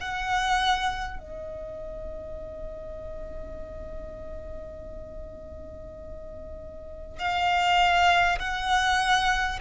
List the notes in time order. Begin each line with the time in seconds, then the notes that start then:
0.00 F#5
1.19 D#5
7.18 F5
8.39 F#5